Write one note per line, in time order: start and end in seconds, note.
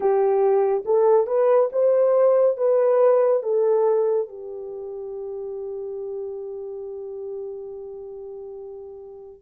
0.00 0.83 G4
0.85 1.27 A4
1.27 1.69 B4
1.72 2.57 C5
2.57 3.42 B4
3.42 4.28 A4
4.28 9.42 G4